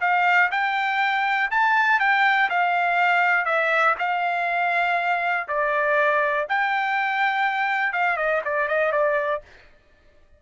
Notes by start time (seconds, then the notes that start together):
0.00 F5
0.51 G5
1.50 A5
1.99 G5
2.49 F5
3.45 E5
3.99 F5
5.47 D5
6.48 G5
7.92 F5
8.16 D#5
8.45 D5
8.68 D#5
8.92 D5